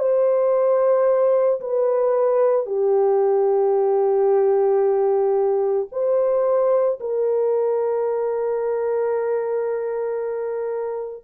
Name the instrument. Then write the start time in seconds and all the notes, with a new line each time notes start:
horn
0.00 C5
1.61 B4
2.66 G4
5.92 C5
7.01 A#4